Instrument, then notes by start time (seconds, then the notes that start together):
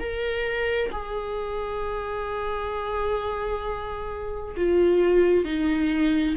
viola
0.00 A#4
0.92 G#4
4.57 F4
5.45 D#4